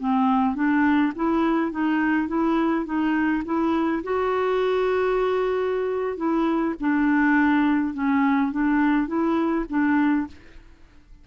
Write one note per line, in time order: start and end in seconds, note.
0.00 0.56 C4
0.56 1.13 D4
1.16 1.72 E4
1.72 2.28 D#4
2.28 2.86 E4
2.86 3.44 D#4
3.46 4.03 E4
4.04 6.17 F#4
6.17 6.75 E4
6.81 7.95 D4
7.95 8.52 C#4
8.53 9.08 D4
9.08 9.66 E4
9.70 10.27 D4